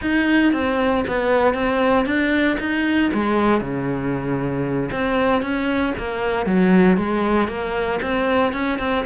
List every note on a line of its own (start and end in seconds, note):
0.01 0.53 D#4
0.53 1.04 C4
1.07 1.54 B3
1.54 2.05 C4
2.05 2.57 D4
2.59 3.11 D#4
3.13 3.60 G#3
3.60 4.90 C#3
4.91 5.41 C4
5.41 5.93 C#4
5.98 6.46 A#3
6.46 6.97 F#3
6.97 7.48 G#3
7.48 7.99 A#3
8.02 8.53 C4
8.53 8.78 C#4
8.79 9.04 C4